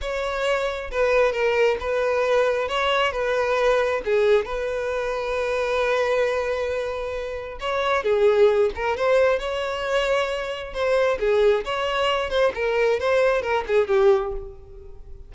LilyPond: \new Staff \with { instrumentName = "violin" } { \time 4/4 \tempo 4 = 134 cis''2 b'4 ais'4 | b'2 cis''4 b'4~ | b'4 gis'4 b'2~ | b'1~ |
b'4 cis''4 gis'4. ais'8 | c''4 cis''2. | c''4 gis'4 cis''4. c''8 | ais'4 c''4 ais'8 gis'8 g'4 | }